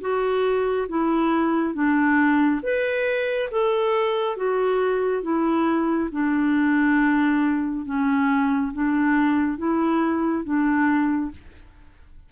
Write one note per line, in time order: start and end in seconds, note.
0.00 0.87 F#4
0.88 1.74 E4
1.74 2.60 D4
2.62 3.49 B4
3.51 4.36 A4
4.36 5.22 F#4
5.22 6.09 E4
6.11 7.85 D4
7.85 8.72 C#4
8.73 9.57 D4
9.57 10.44 E4
10.44 11.31 D4